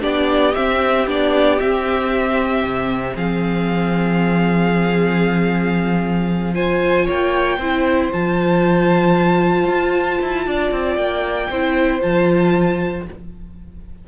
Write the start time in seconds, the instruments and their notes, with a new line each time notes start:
0.00 cello B3, viola D4, violin G4 D5
0.54 viola C4, cello C4, violin E5
1.07 cello B3, viola D4, violin D5
1.60 viola C4, cello C4, violin E5
2.64 cello C3
3.15 cello F3, violin G#4 F5
6.54 viola F4, violin C5 G#5
7.06 cello A#3, violin C#5 G5
7.58 cello C4, viola E4, violin C5
8.12 cello F3, viola F4, violin A5
9.67 cello F4
10.22 cello E4
10.47 cello D4, violin D5
10.71 cello C4
10.96 cello A#3, violin G5
11.49 cello C4, viola E4, violin C5
12.01 cello F3, viola F4, violin A5